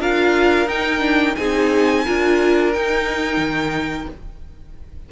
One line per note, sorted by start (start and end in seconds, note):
0.00 0.67 D4
0.00 0.69 F4
0.00 1.37 A#4
0.00 0.69 F5
0.67 1.35 D#4
0.67 0.99 D#4
0.67 1.36 G5
0.99 1.34 D4
1.36 2.07 C4
1.36 2.06 D#4
1.36 2.05 G#4
1.36 2.72 G#5
2.05 2.76 D4
2.05 2.74 F4
2.05 4.10 A#4
2.73 4.12 D#4
2.73 3.37 D#4
2.73 4.10 G5
3.37 4.06 D#3